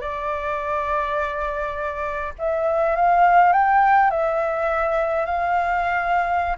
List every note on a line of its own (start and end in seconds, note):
0.00 2.33 D5
2.38 2.95 E5
2.95 3.52 F5
3.52 4.10 G5
4.10 5.25 E5
5.25 6.56 F5